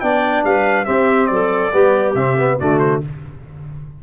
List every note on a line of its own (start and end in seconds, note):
0.00 0.44 B3
0.00 0.85 D4
0.00 0.45 D5
0.00 0.43 G5
0.44 0.87 G3
0.44 0.86 B4
0.44 0.85 F5
0.85 1.71 C4
0.85 1.29 C4
0.85 1.29 G4
0.85 1.27 E5
1.27 1.72 F#3
1.27 1.73 A4
1.27 2.12 D5
1.72 2.15 G3
1.72 2.15 B3
1.72 2.57 G4
2.15 2.57 C3
2.15 2.37 C4
2.15 2.58 E5
2.38 2.59 B3
2.57 3.03 D3
2.57 3.02 A3
2.57 3.00 F#4
2.57 2.79 D5
2.79 3.00 C5